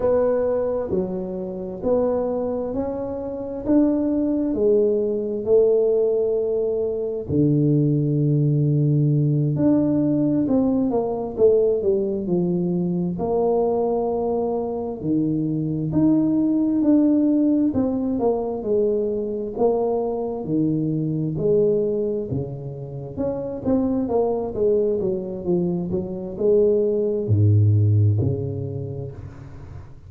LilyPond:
\new Staff \with { instrumentName = "tuba" } { \time 4/4 \tempo 4 = 66 b4 fis4 b4 cis'4 | d'4 gis4 a2 | d2~ d8 d'4 c'8 | ais8 a8 g8 f4 ais4.~ |
ais8 dis4 dis'4 d'4 c'8 | ais8 gis4 ais4 dis4 gis8~ | gis8 cis4 cis'8 c'8 ais8 gis8 fis8 | f8 fis8 gis4 gis,4 cis4 | }